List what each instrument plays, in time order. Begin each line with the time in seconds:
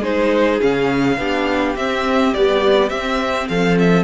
0.00 cello G#3, viola D#4, violin G#4 C5
0.60 cello C#3, viola C#4, violin F5
1.17 cello B3, viola D4, violin G4
1.76 cello C4, viola C4, violin E5
2.33 viola G3, cello B3, violin D5
2.89 viola C4, cello C4, violin E5
3.48 cello F3, violin A4 F5
3.79 violin E5